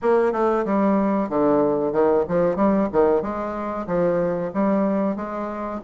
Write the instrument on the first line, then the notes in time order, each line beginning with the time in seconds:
bassoon
0.01 A#3
0.32 A3
0.65 G3
1.29 D3
1.92 D#3
2.28 F3
2.56 G3
2.92 D#3
3.22 G#3
3.87 F3
4.53 G3
5.16 G#3